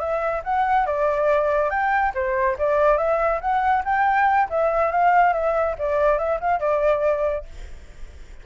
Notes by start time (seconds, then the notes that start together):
0.00 E5
0.44 F#5
0.87 D5
1.70 G5
2.15 C5
2.59 D5
2.98 E5
3.41 F#5
3.85 G5
4.50 E5
4.92 F5
5.34 E5
5.79 D5
6.19 E5
6.41 F5
6.60 D5